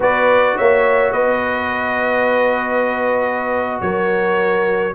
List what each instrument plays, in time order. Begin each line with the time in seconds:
0.00 tuba B3, trombone F#4, horn B4, trumpet D5
0.56 tuba A#3, horn C#5, trumpet E5
1.12 tuba B3, horn B4, trumpet D#5
3.81 tuba F#3, horn A#4, trumpet C#5